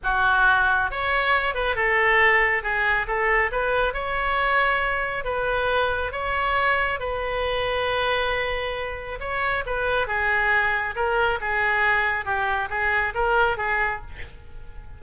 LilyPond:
\new Staff \with { instrumentName = "oboe" } { \time 4/4 \tempo 4 = 137 fis'2 cis''4. b'8 | a'2 gis'4 a'4 | b'4 cis''2. | b'2 cis''2 |
b'1~ | b'4 cis''4 b'4 gis'4~ | gis'4 ais'4 gis'2 | g'4 gis'4 ais'4 gis'4 | }